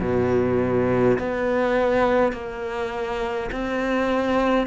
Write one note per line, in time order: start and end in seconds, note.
0.00 1.18 B2
1.19 2.32 B3
2.32 3.50 A#3
3.51 4.67 C4